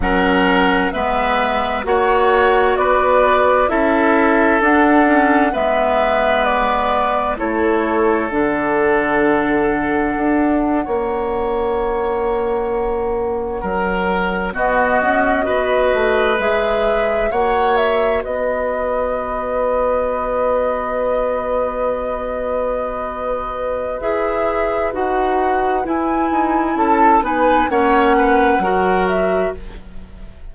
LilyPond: <<
  \new Staff \with { instrumentName = "flute" } { \time 4/4 \tempo 4 = 65 fis''4 e''4 fis''4 d''4 | e''4 fis''4 e''4 d''4 | cis''4 fis''2.~ | fis''2.~ fis''8. dis''16~ |
dis''4.~ dis''16 e''4 fis''8 e''8 dis''16~ | dis''1~ | dis''2 e''4 fis''4 | gis''4 a''8 gis''8 fis''4. e''8 | }
  \new Staff \with { instrumentName = "oboe" } { \time 4/4 ais'4 b'4 cis''4 b'4 | a'2 b'2 | a'2.~ a'8. cis''16~ | cis''2~ cis''8. ais'4 fis'16~ |
fis'8. b'2 cis''4 b'16~ | b'1~ | b'1~ | b'4 a'8 b'8 cis''8 b'8 ais'4 | }
  \new Staff \with { instrumentName = "clarinet" } { \time 4/4 cis'4 b4 fis'2 | e'4 d'8 cis'8 b2 | e'4 d'2~ d'8. cis'16~ | cis'2.~ cis'8. b16~ |
b8. fis'4 gis'4 fis'4~ fis'16~ | fis'1~ | fis'2 gis'4 fis'4 | e'4. dis'8 cis'4 fis'4 | }
  \new Staff \with { instrumentName = "bassoon" } { \time 4/4 fis4 gis4 ais4 b4 | cis'4 d'4 gis2 | a4 d2 d'8. ais16~ | ais2~ ais8. fis4 b16~ |
b16 cis'8 b8 a8 gis4 ais4 b16~ | b1~ | b2 e'4 dis'4 | e'8 dis'8 cis'8 b8 ais4 fis4 | }
>>